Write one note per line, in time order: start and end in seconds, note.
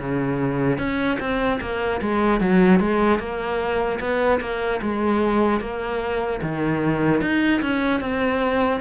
0.00 0.79 C#3
0.79 1.19 C#4
1.20 1.60 C4
1.61 2.01 A#3
2.02 2.41 G#3
2.41 2.80 F#3
2.80 3.20 G#3
3.20 4.00 A#3
4.00 4.40 B3
4.41 4.81 A#3
4.82 5.61 G#3
5.61 6.41 A#3
6.42 7.21 D#3
7.21 7.61 D#4
7.62 8.01 C#4
8.01 8.81 C4